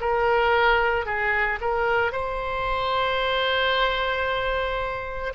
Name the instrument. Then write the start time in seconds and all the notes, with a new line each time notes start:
oboe
0.00 A#4
1.06 G#4
1.61 A#4
2.12 C5